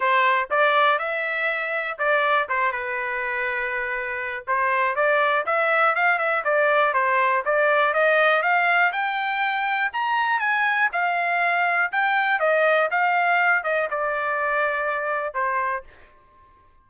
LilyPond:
\new Staff \with { instrumentName = "trumpet" } { \time 4/4 \tempo 4 = 121 c''4 d''4 e''2 | d''4 c''8 b'2~ b'8~ | b'4 c''4 d''4 e''4 | f''8 e''8 d''4 c''4 d''4 |
dis''4 f''4 g''2 | ais''4 gis''4 f''2 | g''4 dis''4 f''4. dis''8 | d''2. c''4 | }